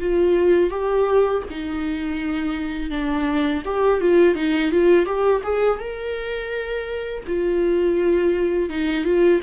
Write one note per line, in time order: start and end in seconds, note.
0.00 0.71 F4
0.71 1.43 G4
1.50 2.91 D#4
2.91 3.63 D4
3.66 4.01 G4
4.01 4.36 F4
4.36 4.72 D#4
4.72 5.06 F4
5.06 5.42 G4
5.44 5.80 G#4
5.80 7.24 A#4
7.27 8.70 F4
8.70 9.05 D#4
9.05 9.41 F4